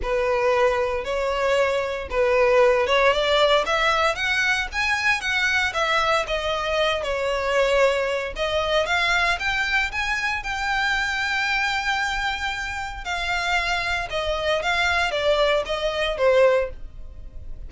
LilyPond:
\new Staff \with { instrumentName = "violin" } { \time 4/4 \tempo 4 = 115 b'2 cis''2 | b'4. cis''8 d''4 e''4 | fis''4 gis''4 fis''4 e''4 | dis''4. cis''2~ cis''8 |
dis''4 f''4 g''4 gis''4 | g''1~ | g''4 f''2 dis''4 | f''4 d''4 dis''4 c''4 | }